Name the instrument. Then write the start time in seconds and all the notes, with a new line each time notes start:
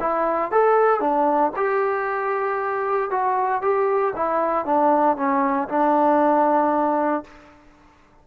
trombone
0.00 E4
0.51 A4
1.00 D4
1.56 G4
3.10 F#4
3.61 G4
4.15 E4
4.65 D4
5.16 C#4
5.68 D4